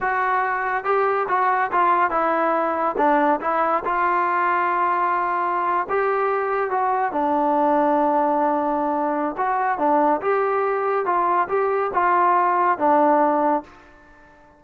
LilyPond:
\new Staff \with { instrumentName = "trombone" } { \time 4/4 \tempo 4 = 141 fis'2 g'4 fis'4 | f'4 e'2 d'4 | e'4 f'2.~ | f'4.~ f'16 g'2 fis'16~ |
fis'8. d'2.~ d'16~ | d'2 fis'4 d'4 | g'2 f'4 g'4 | f'2 d'2 | }